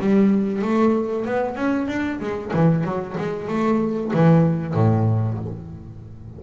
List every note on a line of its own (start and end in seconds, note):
0.00 0.62 G3
0.62 1.26 A3
1.26 1.56 B3
1.56 1.88 C#4
1.88 2.20 D4
2.20 2.52 G#3
2.54 2.84 E3
2.84 3.16 F#3
3.18 3.48 G#3
3.48 4.12 A3
4.13 4.74 E3
4.74 5.38 A2